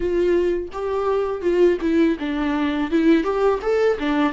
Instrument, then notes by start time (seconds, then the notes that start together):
viola
0.00 F4
0.72 G4
1.41 F4
1.81 E4
2.19 D4
2.90 E4
3.23 G4
3.61 A4
3.99 D4